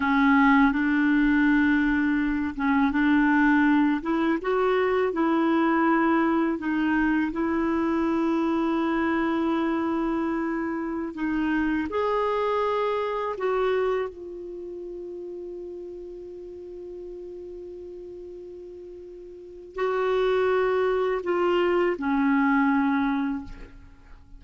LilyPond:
\new Staff \with { instrumentName = "clarinet" } { \time 4/4 \tempo 4 = 82 cis'4 d'2~ d'8 cis'8 | d'4. e'8 fis'4 e'4~ | e'4 dis'4 e'2~ | e'2.~ e'16 dis'8.~ |
dis'16 gis'2 fis'4 f'8.~ | f'1~ | f'2. fis'4~ | fis'4 f'4 cis'2 | }